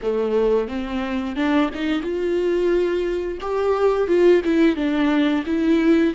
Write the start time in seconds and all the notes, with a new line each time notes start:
0.02 A3
0.68 C4
1.35 D4
1.74 D#4
2.01 F4
3.41 G4
4.07 F4
4.44 E4
4.75 D4
5.45 E4